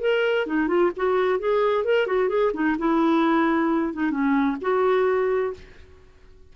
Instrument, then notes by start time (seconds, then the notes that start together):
clarinet
0.00 A#4
0.46 D#4
0.68 F4
0.96 F#4
1.39 G#4
1.84 A#4
2.07 F#4
2.28 G#4
2.53 D#4
2.78 E4
3.93 D#4
4.11 C#4
4.61 F#4